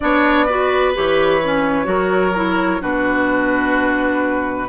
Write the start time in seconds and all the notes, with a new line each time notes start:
0.00 B3 D4 C#5 D5
0.46 F#4 B4
0.94 E3 G4 C#5
1.43 C#4
1.84 F#3 F#4 A#4
2.35 E4
2.80 B2 D4 F#4 B4